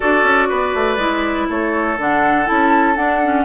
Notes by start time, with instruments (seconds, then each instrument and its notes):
0.00 bassoon D4, clarinet F#4, oboe A4, flute D5
0.23 bassoon C#4
0.48 bassoon B3, oboe B4
0.74 bassoon A3
0.97 bassoon G#3, clarinet E4
1.49 bassoon A3, oboe A4, flute C#5
1.98 bassoon D3, clarinet D4, flute F#5
2.45 bassoon C#4, clarinet E4, flute A5
2.95 bassoon D4, clarinet D4, flute F#5
3.23 clarinet C#4